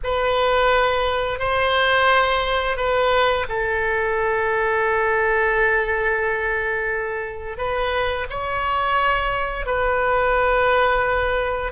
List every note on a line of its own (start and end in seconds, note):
0.03 1.39 B4
1.39 2.76 C5
2.76 3.45 B4
3.48 7.57 A4
7.57 8.26 B4
8.29 9.66 C#5
9.66 11.71 B4